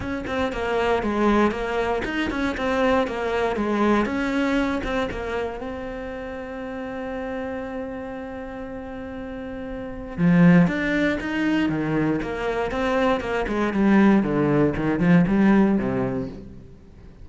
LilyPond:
\new Staff \with { instrumentName = "cello" } { \time 4/4 \tempo 4 = 118 cis'8 c'8 ais4 gis4 ais4 | dis'8 cis'8 c'4 ais4 gis4 | cis'4. c'8 ais4 c'4~ | c'1~ |
c'1 | f4 d'4 dis'4 dis4 | ais4 c'4 ais8 gis8 g4 | d4 dis8 f8 g4 c4 | }